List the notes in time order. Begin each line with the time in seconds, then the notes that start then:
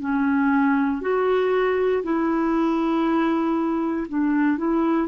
0.00 C#4
1.02 F#4
2.03 E4
4.09 D4
4.58 E4